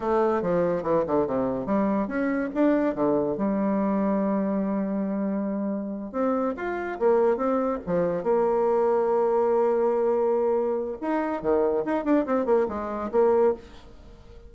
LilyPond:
\new Staff \with { instrumentName = "bassoon" } { \time 4/4 \tempo 4 = 142 a4 f4 e8 d8 c4 | g4 cis'4 d'4 d4 | g1~ | g2~ g8 c'4 f'8~ |
f'8 ais4 c'4 f4 ais8~ | ais1~ | ais2 dis'4 dis4 | dis'8 d'8 c'8 ais8 gis4 ais4 | }